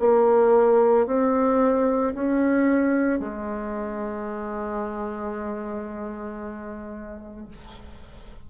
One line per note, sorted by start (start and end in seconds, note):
0.00 1.07 A#3
1.07 2.14 C4
2.15 3.20 C#4
3.20 7.49 G#3